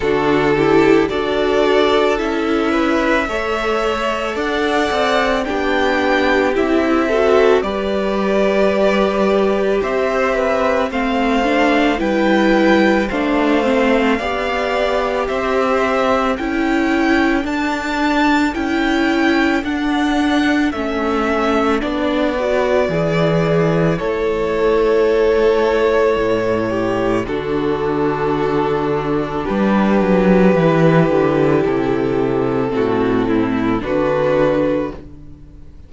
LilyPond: <<
  \new Staff \with { instrumentName = "violin" } { \time 4/4 \tempo 4 = 55 a'4 d''4 e''2 | fis''4 g''4 e''4 d''4~ | d''4 e''4 f''4 g''4 | f''2 e''4 g''4 |
a''4 g''4 fis''4 e''4 | d''2 cis''2~ | cis''4 a'2 b'4~ | b'4 a'2 b'4 | }
  \new Staff \with { instrumentName = "violin" } { \time 4/4 fis'8 g'8 a'4. b'8 cis''4 | d''4 g'4. a'8 b'4~ | b'4 c''8 b'8 c''4 b'4 | c''4 d''4 c''4 a'4~ |
a'1~ | a'4 gis'4 a'2~ | a'8 g'8 fis'2 g'4~ | g'2 fis'8 e'8 fis'4 | }
  \new Staff \with { instrumentName = "viola" } { \time 4/4 d'8 e'8 fis'4 e'4 a'4~ | a'4 d'4 e'8 fis'8 g'4~ | g'2 c'8 d'8 e'4 | d'8 c'8 g'2 e'4 |
d'4 e'4 d'4 cis'4 | d'8 fis'8 e'2.~ | e'4 d'2. | e'2 c'4 d'4 | }
  \new Staff \with { instrumentName = "cello" } { \time 4/4 d4 d'4 cis'4 a4 | d'8 c'8 b4 c'4 g4~ | g4 c'4 a4 g4 | a4 b4 c'4 cis'4 |
d'4 cis'4 d'4 a4 | b4 e4 a2 | a,4 d2 g8 fis8 | e8 d8 c4 a,4 d4 | }
>>